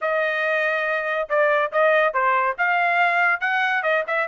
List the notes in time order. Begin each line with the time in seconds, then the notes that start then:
0.01 D#5
1.29 D5
1.71 D#5
2.13 C5
2.57 F5
3.40 F#5
3.82 D#5
4.07 E5